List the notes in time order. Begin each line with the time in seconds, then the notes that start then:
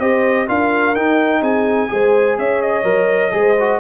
0.00 C4 G4 C5 D#5
0.48 D4 F4 A#4 F5
0.95 D#4 G5
1.41 C4 G#4 G#5
1.89 G#3 G#4 C5
2.38 C#4 C#5 E5
2.62 D#5
2.84 F#3 A#4
3.32 G#3 G#4 C5
3.60 F#4